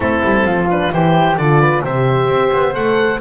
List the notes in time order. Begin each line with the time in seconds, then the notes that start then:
0.00 A3 C4 E4 A4
0.24 G3
0.45 F3 F4
0.70 D4 B4
0.92 E3 E4 G4 C5
1.37 D3 F4 A4 D5
1.60 B4
1.83 C3 G4 C5 E5
2.28 C4
2.52 B3
2.73 A3 A4 F#5